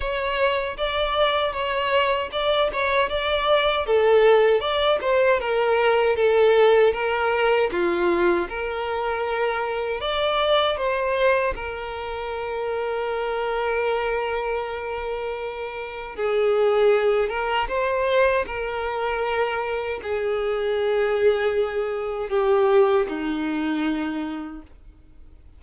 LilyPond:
\new Staff \with { instrumentName = "violin" } { \time 4/4 \tempo 4 = 78 cis''4 d''4 cis''4 d''8 cis''8 | d''4 a'4 d''8 c''8 ais'4 | a'4 ais'4 f'4 ais'4~ | ais'4 d''4 c''4 ais'4~ |
ais'1~ | ais'4 gis'4. ais'8 c''4 | ais'2 gis'2~ | gis'4 g'4 dis'2 | }